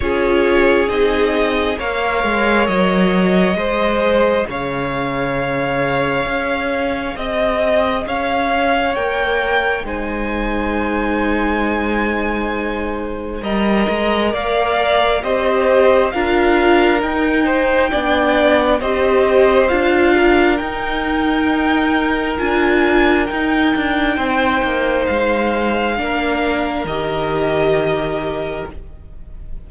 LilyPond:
<<
  \new Staff \with { instrumentName = "violin" } { \time 4/4 \tempo 4 = 67 cis''4 dis''4 f''4 dis''4~ | dis''4 f''2. | dis''4 f''4 g''4 gis''4~ | gis''2. ais''4 |
f''4 dis''4 f''4 g''4~ | g''4 dis''4 f''4 g''4~ | g''4 gis''4 g''2 | f''2 dis''2 | }
  \new Staff \with { instrumentName = "violin" } { \time 4/4 gis'2 cis''2 | c''4 cis''2. | dis''4 cis''2 c''4~ | c''2. dis''4 |
d''4 c''4 ais'4. c''8 | d''4 c''4. ais'4.~ | ais'2. c''4~ | c''4 ais'2. | }
  \new Staff \with { instrumentName = "viola" } { \time 4/4 f'4 dis'4 ais'2 | gis'1~ | gis'2 ais'4 dis'4~ | dis'2. ais'4~ |
ais'4 g'4 f'4 dis'4 | d'4 g'4 f'4 dis'4~ | dis'4 f'4 dis'2~ | dis'4 d'4 g'2 | }
  \new Staff \with { instrumentName = "cello" } { \time 4/4 cis'4 c'4 ais8 gis8 fis4 | gis4 cis2 cis'4 | c'4 cis'4 ais4 gis4~ | gis2. g8 gis8 |
ais4 c'4 d'4 dis'4 | b4 c'4 d'4 dis'4~ | dis'4 d'4 dis'8 d'8 c'8 ais8 | gis4 ais4 dis2 | }
>>